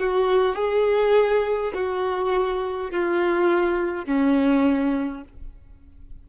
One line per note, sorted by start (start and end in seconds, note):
0.00 0.55 F#4
0.55 1.73 G#4
1.74 2.91 F#4
2.91 4.06 F4
4.06 5.24 C#4